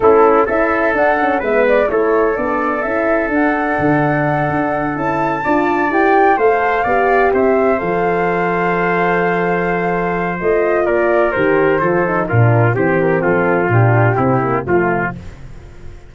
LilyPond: <<
  \new Staff \with { instrumentName = "flute" } { \time 4/4 \tempo 4 = 127 a'4 e''4 fis''4 e''8 d''8 | cis''4 d''4 e''4 fis''4~ | fis''2~ fis''8 a''4.~ | a''8 g''4 f''2 e''8~ |
e''8 f''2.~ f''8~ | f''2 dis''4 d''4 | c''2 ais'4 c''8 ais'8 | a'4 g'2 f'4 | }
  \new Staff \with { instrumentName = "trumpet" } { \time 4/4 e'4 a'2 b'4 | a'1~ | a'2.~ a'8 d''8~ | d''4. c''4 d''4 c''8~ |
c''1~ | c''2. ais'4~ | ais'4 a'4 f'4 g'4 | f'2 e'4 f'4 | }
  \new Staff \with { instrumentName = "horn" } { \time 4/4 cis'4 e'4 d'8 cis'8 b4 | e'4 d'4 e'4 d'4~ | d'2~ d'8 e'4 f'8~ | f'8 g'4 a'4 g'4.~ |
g'8 a'2.~ a'8~ | a'2 f'2 | g'4 f'8 dis'8 d'4 c'4~ | c'4 d'4 c'8 ais8 a4 | }
  \new Staff \with { instrumentName = "tuba" } { \time 4/4 a4 cis'4 d'4 gis4 | a4 b4 cis'4 d'4 | d4. d'4 cis'4 d'8~ | d'8 e'4 a4 b4 c'8~ |
c'8 f2.~ f8~ | f2 a4 ais4 | dis4 f4 ais,4 e4 | f4 ais,4 c4 f4 | }
>>